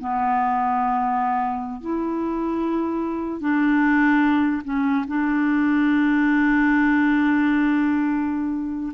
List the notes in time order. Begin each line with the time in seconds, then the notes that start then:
0.00 B3
1.81 E4
3.41 D4
4.65 C#4
5.08 D4